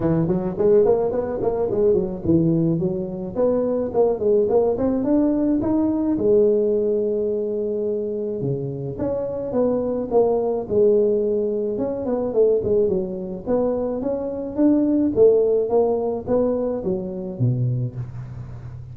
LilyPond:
\new Staff \with { instrumentName = "tuba" } { \time 4/4 \tempo 4 = 107 e8 fis8 gis8 ais8 b8 ais8 gis8 fis8 | e4 fis4 b4 ais8 gis8 | ais8 c'8 d'4 dis'4 gis4~ | gis2. cis4 |
cis'4 b4 ais4 gis4~ | gis4 cis'8 b8 a8 gis8 fis4 | b4 cis'4 d'4 a4 | ais4 b4 fis4 b,4 | }